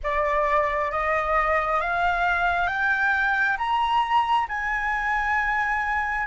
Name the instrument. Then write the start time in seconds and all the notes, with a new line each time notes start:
flute
0.03 D5
0.91 D#5
1.80 F5
2.67 G5
3.57 A#5
4.48 G#5